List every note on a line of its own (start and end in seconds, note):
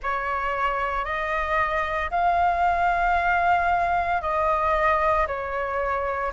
0.02 1.04 C#5
1.04 2.10 D#5
2.11 4.21 F5
4.21 5.26 D#5
5.27 6.32 C#5